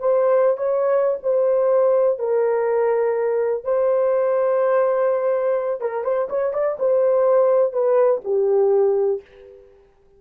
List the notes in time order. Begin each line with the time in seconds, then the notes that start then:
0.00 C5
0.58 C#5
1.23 C5
2.19 A#4
3.64 C5
5.81 A#4
6.04 C5
6.30 C#5
6.54 D5
6.80 C5
7.73 B4
8.25 G4